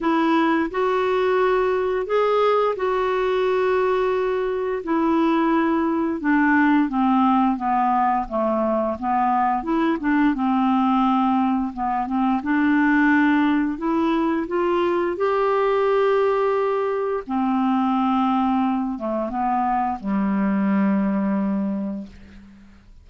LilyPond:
\new Staff \with { instrumentName = "clarinet" } { \time 4/4 \tempo 4 = 87 e'4 fis'2 gis'4 | fis'2. e'4~ | e'4 d'4 c'4 b4 | a4 b4 e'8 d'8 c'4~ |
c'4 b8 c'8 d'2 | e'4 f'4 g'2~ | g'4 c'2~ c'8 a8 | b4 g2. | }